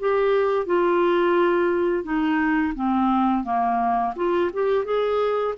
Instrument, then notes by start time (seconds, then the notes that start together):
clarinet
0.00 G4
0.66 F4
2.04 D#4
2.75 C4
3.44 A#3
4.16 F4
4.54 G4
4.85 G#4